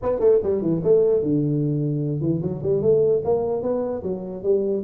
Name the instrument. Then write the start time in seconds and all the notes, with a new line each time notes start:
tuba
0.02 B3
0.19 A3
0.43 G3
0.61 E3
0.83 A3
1.22 D3
2.21 E3
2.41 F#3
2.62 G3
2.82 A3
3.24 A#3
3.62 B3
4.02 F#3
4.43 G3